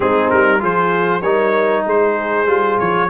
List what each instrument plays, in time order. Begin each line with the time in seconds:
0.00 tuba G#3, trombone C4, horn D#4, trumpet G#4
0.30 tuba G3, trumpet A#4
0.58 tuba F3, trombone F4, horn G#4, trumpet C5
1.21 tuba G3, trombone D#4, horn A#4, trumpet C#5
1.86 tuba G#3, horn G#4, trumpet C5
2.46 tuba G3, trombone F4
2.79 tuba F3, trumpet C#5